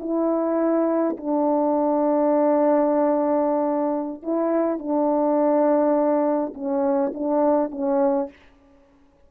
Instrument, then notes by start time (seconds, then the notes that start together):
horn
0.00 E4
1.17 D4
4.23 E4
4.79 D4
6.55 C#4
7.14 D4
7.71 C#4